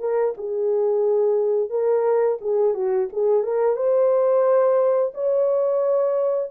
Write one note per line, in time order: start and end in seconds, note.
0.00 0.34 A#4
0.37 1.70 G#4
1.70 2.38 A#4
2.41 2.74 G#4
2.74 3.08 F#4
3.13 3.43 G#4
3.43 3.76 A#4
3.76 5.13 C5
5.14 6.51 C#5